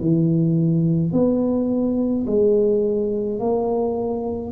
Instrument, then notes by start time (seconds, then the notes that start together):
tuba
0.00 E3
1.12 B3
2.26 G#3
3.39 A#3